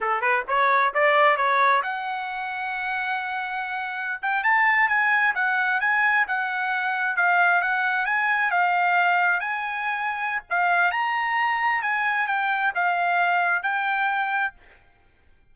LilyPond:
\new Staff \with { instrumentName = "trumpet" } { \time 4/4 \tempo 4 = 132 a'8 b'8 cis''4 d''4 cis''4 | fis''1~ | fis''4~ fis''16 g''8 a''4 gis''4 fis''16~ | fis''8. gis''4 fis''2 f''16~ |
f''8. fis''4 gis''4 f''4~ f''16~ | f''8. gis''2~ gis''16 f''4 | ais''2 gis''4 g''4 | f''2 g''2 | }